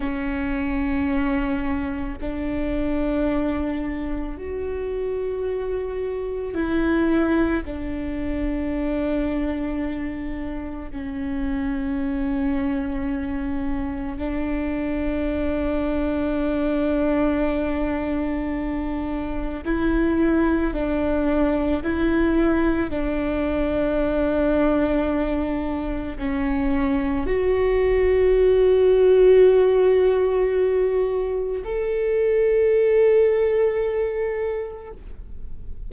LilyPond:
\new Staff \with { instrumentName = "viola" } { \time 4/4 \tempo 4 = 55 cis'2 d'2 | fis'2 e'4 d'4~ | d'2 cis'2~ | cis'4 d'2.~ |
d'2 e'4 d'4 | e'4 d'2. | cis'4 fis'2.~ | fis'4 a'2. | }